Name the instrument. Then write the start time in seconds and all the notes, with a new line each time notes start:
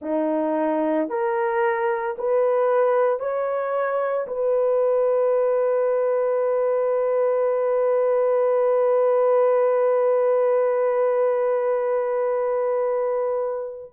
horn
0.01 D#4
1.09 A#4
2.17 B4
3.19 C#5
4.27 B4